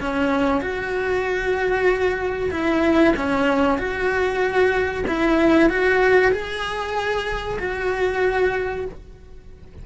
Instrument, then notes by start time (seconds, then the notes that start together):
cello
0.00 C#4
0.61 F#4
2.51 E4
3.16 C#4
3.78 F#4
5.07 E4
5.69 F#4
6.32 G#4
7.59 F#4